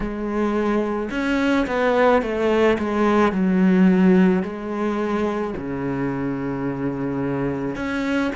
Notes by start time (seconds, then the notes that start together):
0.00 G#3
1.11 C#4
1.66 B3
2.22 A3
2.78 G#3
3.32 F#3
4.42 G#3
5.57 C#3
7.75 C#4